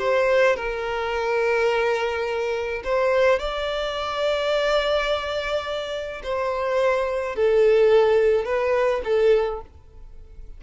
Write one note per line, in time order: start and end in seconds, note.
0.00 0.56 C5
0.56 2.83 A#4
2.85 3.40 C5
3.40 6.23 D5
6.24 7.36 C5
7.36 8.45 A4
8.45 9.02 B4
9.05 9.62 A4